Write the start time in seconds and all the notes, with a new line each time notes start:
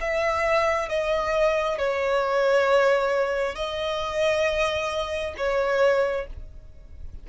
0.00 E5
0.88 D#5
1.77 C#5
3.55 D#5
5.37 C#5